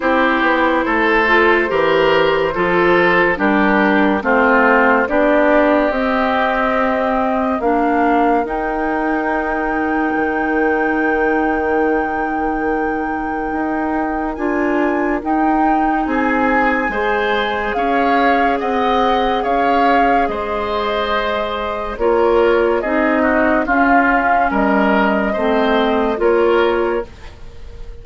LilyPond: <<
  \new Staff \with { instrumentName = "flute" } { \time 4/4 \tempo 4 = 71 c''1 | ais'4 c''4 d''4 dis''4~ | dis''4 f''4 g''2~ | g''1~ |
g''4 gis''4 g''4 gis''4~ | gis''4 f''4 fis''4 f''4 | dis''2 cis''4 dis''4 | f''4 dis''2 cis''4 | }
  \new Staff \with { instrumentName = "oboe" } { \time 4/4 g'4 a'4 ais'4 a'4 | g'4 f'4 g'2~ | g'4 ais'2.~ | ais'1~ |
ais'2. gis'4 | c''4 cis''4 dis''4 cis''4 | c''2 ais'4 gis'8 fis'8 | f'4 ais'4 c''4 ais'4 | }
  \new Staff \with { instrumentName = "clarinet" } { \time 4/4 e'4. f'8 g'4 f'4 | d'4 c'4 d'4 c'4~ | c'4 d'4 dis'2~ | dis'1~ |
dis'4 f'4 dis'2 | gis'1~ | gis'2 f'4 dis'4 | cis'2 c'4 f'4 | }
  \new Staff \with { instrumentName = "bassoon" } { \time 4/4 c'8 b8 a4 e4 f4 | g4 a4 b4 c'4~ | c'4 ais4 dis'2 | dis1 |
dis'4 d'4 dis'4 c'4 | gis4 cis'4 c'4 cis'4 | gis2 ais4 c'4 | cis'4 g4 a4 ais4 | }
>>